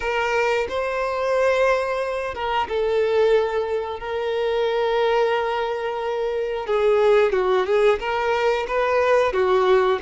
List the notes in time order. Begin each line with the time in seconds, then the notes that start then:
0.00 A#4
0.68 C5
2.34 A#4
2.68 A4
3.99 A#4
6.66 G#4
7.32 F#4
7.65 G#4
7.99 A#4
8.67 B4
9.32 F#4